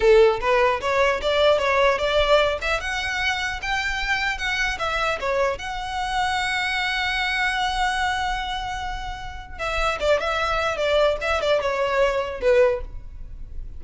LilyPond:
\new Staff \with { instrumentName = "violin" } { \time 4/4 \tempo 4 = 150 a'4 b'4 cis''4 d''4 | cis''4 d''4. e''8 fis''4~ | fis''4 g''2 fis''4 | e''4 cis''4 fis''2~ |
fis''1~ | fis''1 | e''4 d''8 e''4. d''4 | e''8 d''8 cis''2 b'4 | }